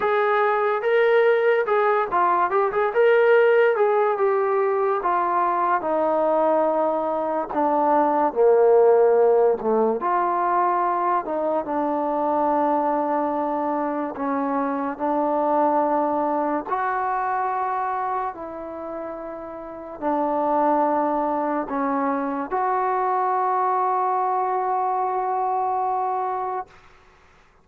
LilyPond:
\new Staff \with { instrumentName = "trombone" } { \time 4/4 \tempo 4 = 72 gis'4 ais'4 gis'8 f'8 g'16 gis'16 ais'8~ | ais'8 gis'8 g'4 f'4 dis'4~ | dis'4 d'4 ais4. a8 | f'4. dis'8 d'2~ |
d'4 cis'4 d'2 | fis'2 e'2 | d'2 cis'4 fis'4~ | fis'1 | }